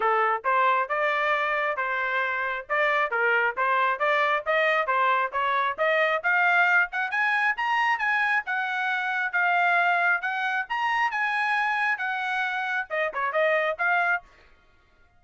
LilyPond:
\new Staff \with { instrumentName = "trumpet" } { \time 4/4 \tempo 4 = 135 a'4 c''4 d''2 | c''2 d''4 ais'4 | c''4 d''4 dis''4 c''4 | cis''4 dis''4 f''4. fis''8 |
gis''4 ais''4 gis''4 fis''4~ | fis''4 f''2 fis''4 | ais''4 gis''2 fis''4~ | fis''4 dis''8 cis''8 dis''4 f''4 | }